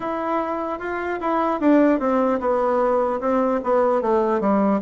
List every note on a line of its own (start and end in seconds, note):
0.00 0.79 E4
0.79 1.19 F4
1.20 1.60 E4
1.60 1.99 D4
1.99 2.39 C4
2.40 3.20 B3
3.20 3.60 C4
3.63 4.01 B3
4.01 4.40 A3
4.40 4.80 G3